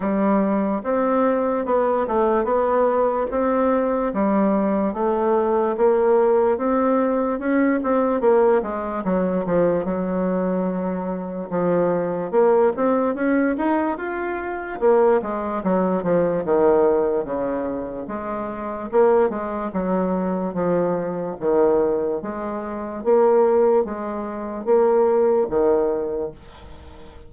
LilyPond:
\new Staff \with { instrumentName = "bassoon" } { \time 4/4 \tempo 4 = 73 g4 c'4 b8 a8 b4 | c'4 g4 a4 ais4 | c'4 cis'8 c'8 ais8 gis8 fis8 f8 | fis2 f4 ais8 c'8 |
cis'8 dis'8 f'4 ais8 gis8 fis8 f8 | dis4 cis4 gis4 ais8 gis8 | fis4 f4 dis4 gis4 | ais4 gis4 ais4 dis4 | }